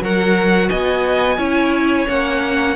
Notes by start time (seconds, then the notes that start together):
0.00 F#3 F#4 A#4 F#5
0.69 B3 D#5 G#5
1.37 C#4 E4 C#5
2.07 A#3 C#4 F#5